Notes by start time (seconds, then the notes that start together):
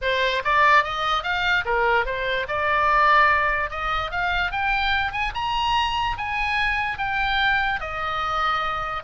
0.01 C5
0.44 D5
0.83 D#5
1.23 F5
1.65 A#4
2.05 C5
2.48 D5
3.70 D#5
4.11 F5
4.51 G5
5.11 G#5
5.34 A#5
6.17 G#5
6.98 G5
7.80 D#5